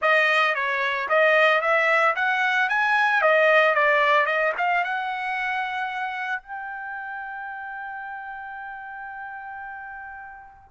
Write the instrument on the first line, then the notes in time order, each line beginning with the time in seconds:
trumpet
0.01 D#5
0.55 C#5
1.08 D#5
1.61 E5
2.15 F#5
2.69 G#5
3.21 D#5
3.74 D5
4.25 D#5
4.57 F5
4.84 F#5
6.42 G5